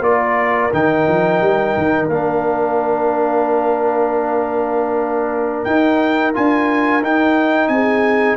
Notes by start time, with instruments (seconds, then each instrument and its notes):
0.00 tuba A#3, trombone F4, horn A#4, trumpet D5
0.73 tuba D#3, trombone D#4, trumpet G5
1.07 tuba F3
1.41 tuba G3
1.77 tuba D#3
2.07 tuba A#3, trombone D4, trumpet F5
5.64 tuba D#4, trombone D#4, trumpet G5
6.34 tuba D4, trombone F4, trumpet G#5
7.01 tuba D#4, trombone D#4, trumpet G5
7.68 tuba C4, horn G#4, trumpet G#5